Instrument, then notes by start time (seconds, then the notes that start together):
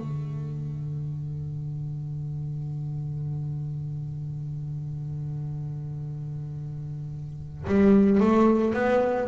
double bass
0.00 D3
7.67 G3
8.20 A3
8.74 B3